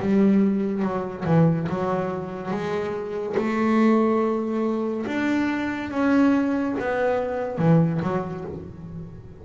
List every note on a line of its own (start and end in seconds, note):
0.00 0.82 G3
0.82 1.24 F#3
1.25 1.67 E3
1.69 2.51 F#3
2.51 3.36 G#3
3.37 5.06 A3
5.06 5.91 D4
5.91 6.75 C#4
6.80 7.59 B3
7.59 8.01 E3
8.02 8.45 F#3